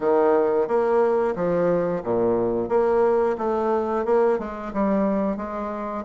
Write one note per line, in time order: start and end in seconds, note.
0.00 0.67 D#3
0.67 1.35 A#3
1.35 2.03 F3
2.03 2.68 A#2
2.68 3.36 A#3
3.37 4.05 A3
4.05 4.38 A#3
4.38 4.72 G#3
4.73 5.37 G3
5.37 6.04 G#3